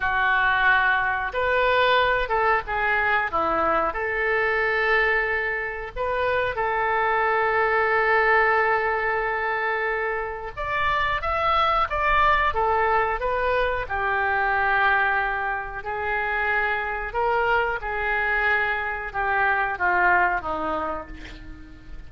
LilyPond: \new Staff \with { instrumentName = "oboe" } { \time 4/4 \tempo 4 = 91 fis'2 b'4. a'8 | gis'4 e'4 a'2~ | a'4 b'4 a'2~ | a'1 |
d''4 e''4 d''4 a'4 | b'4 g'2. | gis'2 ais'4 gis'4~ | gis'4 g'4 f'4 dis'4 | }